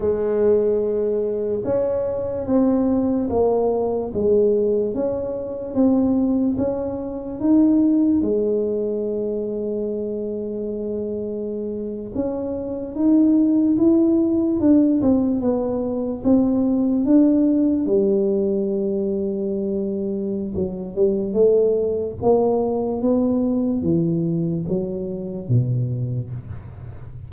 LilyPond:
\new Staff \with { instrumentName = "tuba" } { \time 4/4 \tempo 4 = 73 gis2 cis'4 c'4 | ais4 gis4 cis'4 c'4 | cis'4 dis'4 gis2~ | gis2~ gis8. cis'4 dis'16~ |
dis'8. e'4 d'8 c'8 b4 c'16~ | c'8. d'4 g2~ g16~ | g4 fis8 g8 a4 ais4 | b4 e4 fis4 b,4 | }